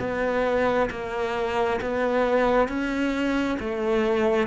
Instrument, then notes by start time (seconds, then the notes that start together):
cello
0.00 B3
0.91 A#3
1.82 B3
2.69 C#4
3.60 A3